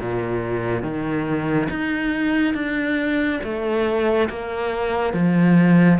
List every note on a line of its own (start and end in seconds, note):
0.00 0.83 A#2
0.83 1.68 D#3
1.70 2.54 D#4
2.54 3.40 D4
3.43 4.29 A3
4.29 5.14 A#3
5.14 5.99 F3